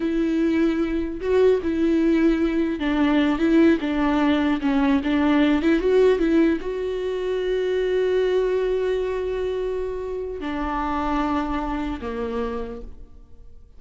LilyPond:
\new Staff \with { instrumentName = "viola" } { \time 4/4 \tempo 4 = 150 e'2. fis'4 | e'2. d'4~ | d'8 e'4 d'2 cis'8~ | cis'8 d'4. e'8 fis'4 e'8~ |
e'8 fis'2.~ fis'8~ | fis'1~ | fis'2 d'2~ | d'2 ais2 | }